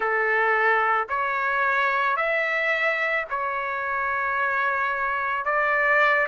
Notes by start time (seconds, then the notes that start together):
0.00 A4
1.09 C#5
2.16 E5
3.30 C#5
5.45 D5